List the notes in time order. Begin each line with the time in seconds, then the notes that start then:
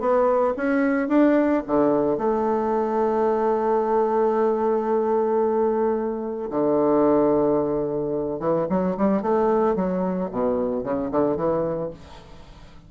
0.00 B3
0.57 C#4
1.09 D4
1.67 D3
2.18 A3
6.50 D3
8.39 E3
8.70 F#3
8.97 G3
9.22 A3
9.75 F#3
10.31 B2
10.84 C#3
11.11 D3
11.36 E3